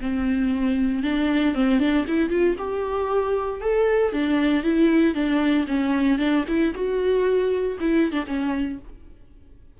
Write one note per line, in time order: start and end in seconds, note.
0.00 1.02 C4
1.02 1.54 D4
1.54 1.79 C4
1.79 2.05 D4
2.07 2.29 E4
2.29 2.55 F4
2.58 3.61 G4
3.61 4.12 A4
4.12 4.63 D4
4.63 5.14 E4
5.14 5.66 D4
5.67 6.18 C#4
6.18 6.44 D4
6.47 6.73 E4
6.74 7.78 F#4
7.80 8.11 E4
8.11 8.24 D4
8.26 8.78 C#4